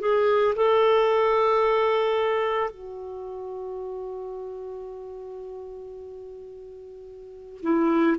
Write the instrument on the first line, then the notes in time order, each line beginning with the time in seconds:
clarinet
0.00 G#4
0.56 A4
2.71 F#4
7.63 E4